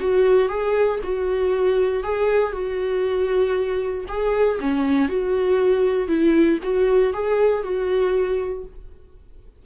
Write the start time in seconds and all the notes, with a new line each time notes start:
0.00 F#4
0.49 G#4
1.03 F#4
2.03 G#4
2.52 F#4
4.08 G#4
4.60 C#4
5.08 F#4
6.08 E4
6.63 F#4
7.13 G#4
7.63 F#4